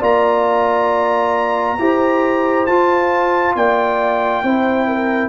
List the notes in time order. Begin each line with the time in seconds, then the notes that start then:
0.00 A#3 F4 D5 A#5
1.79 E4 G4 C5
2.67 F4 A5
3.56 A#3 D5 G5
4.44 C4 E4 C5
4.87 A#4